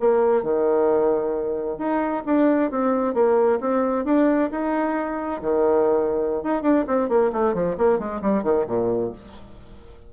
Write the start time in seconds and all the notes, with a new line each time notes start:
0.00 A#3
0.43 D#3
1.78 D#4
2.26 D4
2.71 C4
3.14 A#3
3.60 C4
4.05 D4
4.51 D#4
5.41 D#3
6.43 D#4
6.62 D4
6.87 C4
7.09 A#3
7.32 A3
7.54 F3
7.77 A#3
7.99 G#3
8.22 G3
8.43 D#3
8.67 A#2